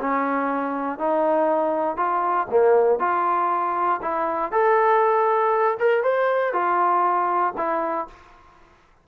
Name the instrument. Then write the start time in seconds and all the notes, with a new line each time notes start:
trombone
0.00 C#4
0.98 D#4
1.96 F4
2.50 A#3
2.99 F4
4.02 E4
4.51 A4
5.79 A#4
6.03 C5
6.53 F4
7.57 E4